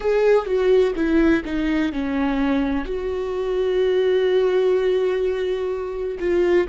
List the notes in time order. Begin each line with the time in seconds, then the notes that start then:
0.00 G#4
0.45 F#4
0.95 E4
1.44 D#4
1.92 C#4
2.85 F#4
6.19 F4